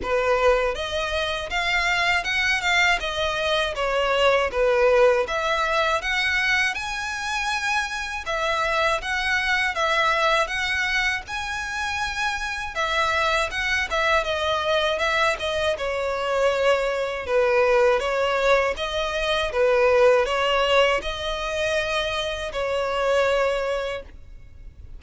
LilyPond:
\new Staff \with { instrumentName = "violin" } { \time 4/4 \tempo 4 = 80 b'4 dis''4 f''4 fis''8 f''8 | dis''4 cis''4 b'4 e''4 | fis''4 gis''2 e''4 | fis''4 e''4 fis''4 gis''4~ |
gis''4 e''4 fis''8 e''8 dis''4 | e''8 dis''8 cis''2 b'4 | cis''4 dis''4 b'4 cis''4 | dis''2 cis''2 | }